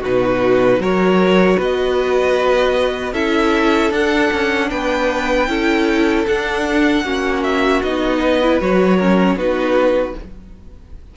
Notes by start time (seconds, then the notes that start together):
0.00 B2 D#4 F#4 B4
0.79 F#3 F#4 A#4 C#5
1.57 B3 B4 D#5
3.13 C#4 E4 A4 E5
3.91 D4 F#5
4.33 C#4
4.70 B3 B4 G5
5.48 C#4 E4 A4
6.27 D4 F#5
7.04 A#3 C#4 F#4
7.44 E5
7.83 B3 D#4 D#5
8.20 B4
8.43 E4
8.61 F#3 F#4 C#5
8.97 C#4 A#4
9.36 B3 D#4 F#4 B4